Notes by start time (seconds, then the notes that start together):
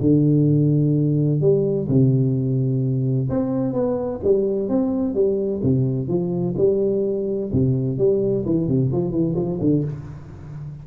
0.00 D3
1.40 G3
1.88 C3
3.29 C4
3.73 B3
4.23 G3
4.69 C4
5.14 G3
5.63 C3
6.08 F3
6.57 G3
7.52 C3
7.98 G3
8.45 E3
8.68 C3
8.92 F3
9.11 E3
9.35 F3
9.61 D3